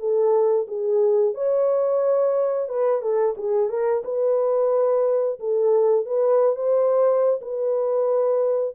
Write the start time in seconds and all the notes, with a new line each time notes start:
0.00 A4
0.68 G#4
1.35 C#5
2.69 B4
3.02 A4
3.38 G#4
3.70 A#4
4.05 B4
5.40 A4
6.06 B4
6.56 C5
7.42 B4